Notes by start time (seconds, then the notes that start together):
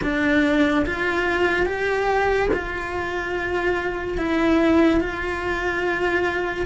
0.02 D4
0.86 F4
1.66 G4
2.53 F4
4.17 E4
5.00 F4